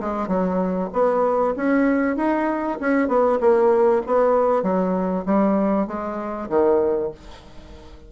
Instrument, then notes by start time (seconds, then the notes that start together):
bassoon
0.00 G#3
0.28 F#3
0.93 B3
1.57 C#4
2.17 D#4
2.81 C#4
3.08 B3
3.40 A#3
4.07 B3
4.63 F#3
5.26 G3
5.87 G#3
6.49 D#3